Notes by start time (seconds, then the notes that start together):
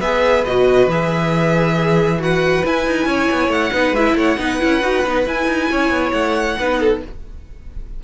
0.00 B3 G#4 B4 E5
0.45 B2 F#4 D#5
0.87 E3 G#4 E5
1.76 G#4
2.20 F#4 B4 F#5
2.65 E4 G#5
2.87 D#4
3.06 C#4 C#5
3.31 B3
3.49 A3 F#5
3.72 B3 D#4 B4
3.92 G#3 E4 E5
4.15 A3 C#5 F#5
4.38 B3 D#4 B4
4.60 C#4 E4
4.82 D#4 F#4
5.04 B3 D#4
5.26 E4 G#5
5.46 D#4
5.71 C#4 C#5
5.90 B3
6.12 A3 F#5
6.59 B3 D#4 B4
6.80 A4